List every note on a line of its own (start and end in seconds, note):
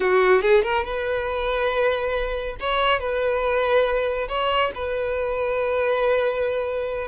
0.00 0.41 F#4
0.41 0.63 G#4
0.63 0.84 A#4
0.84 2.55 B4
2.59 2.99 C#5
2.99 4.28 B4
4.28 4.71 C#5
4.74 7.07 B4